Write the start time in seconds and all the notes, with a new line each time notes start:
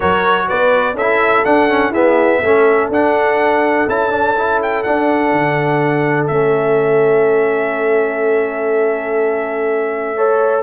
0.00 F#3 F#4 A#4 C#5
0.48 B3 B4 D5
0.93 C#4 A4 E5
1.01 E4
1.45 D4 F#5
1.69 C#4
1.90 B3 E4 G#4 E5
2.41 A3 C#4 A4
2.89 D4 F#5
3.87 C#4 E4 A5
4.10 D4
4.37 E4
4.62 G5
4.83 D4 F#5
5.32 D3
6.26 A3 C#4 E5
10.15 A4 C#5